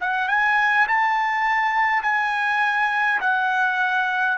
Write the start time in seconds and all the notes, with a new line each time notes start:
0.00 F#5
0.28 G#5
0.87 A5
2.02 G#5
3.20 F#5